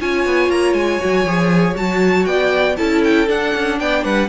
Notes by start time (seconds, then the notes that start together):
0.00 C#4 F4 C#5 G#5
0.26 B3
0.50 A#3 A#5
0.73 G#3 G#5
1.00 F#3 F#4
1.25 F3 G#4
1.75 F#3 F#4 A5
2.26 B3 D5 G5
2.76 C#4 E4 A4 A5
3.04 G5
3.27 D4 F#5
3.55 C#4
3.80 B3 D5 G5
4.04 G3 B4 F#5